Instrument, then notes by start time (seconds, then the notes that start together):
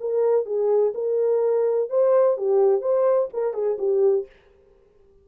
horn
0.00 A#4
0.45 G#4
0.94 A#4
1.89 C5
2.37 G4
2.81 C5
3.33 A#4
3.53 G#4
3.78 G4